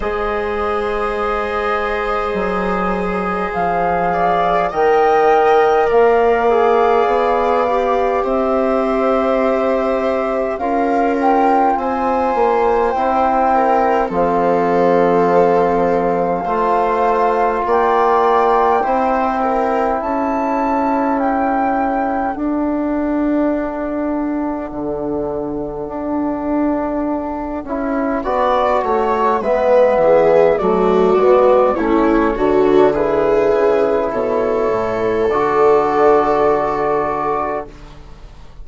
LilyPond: <<
  \new Staff \with { instrumentName = "flute" } { \time 4/4 \tempo 4 = 51 dis''2. f''4 | g''4 f''2 e''4~ | e''4 f''8 g''8 gis''4 g''4 | f''2. g''4~ |
g''4 a''4 g''4 fis''4~ | fis''1~ | fis''4 e''4 d''4 cis''4 | b'4 cis''4 d''2 | }
  \new Staff \with { instrumentName = "viola" } { \time 4/4 c''2.~ c''8 d''8 | dis''4 d''2 c''4~ | c''4 ais'4 c''4. ais'8 | a'2 c''4 d''4 |
c''8 ais'8 a'2.~ | a'1 | d''8 cis''8 b'8 gis'8 fis'4 e'8 fis'8 | gis'4 a'2. | }
  \new Staff \with { instrumentName = "trombone" } { \time 4/4 gis'1 | ais'4. gis'4 g'4.~ | g'4 f'2 e'4 | c'2 f'2 |
e'2. d'4~ | d'2.~ d'8 e'8 | fis'4 b4 a8 b8 cis'8 d'8 | e'2 fis'2 | }
  \new Staff \with { instrumentName = "bassoon" } { \time 4/4 gis2 fis4 f4 | dis4 ais4 b4 c'4~ | c'4 cis'4 c'8 ais8 c'4 | f2 a4 ais4 |
c'4 cis'2 d'4~ | d'4 d4 d'4. cis'8 | b8 a8 gis8 e8 fis8 gis8 a8 d8~ | d8 cis8 b,8 a,8 d2 | }
>>